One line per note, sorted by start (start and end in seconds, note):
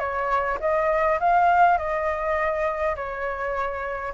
0.00 0.59 C#5
0.61 1.20 D#5
1.20 1.78 F5
1.78 2.96 D#5
2.96 4.14 C#5